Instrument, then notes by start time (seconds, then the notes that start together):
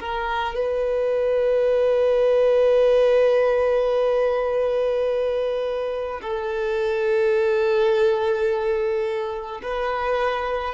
violin
0.00 A#4
0.55 B4
6.21 A4
9.62 B4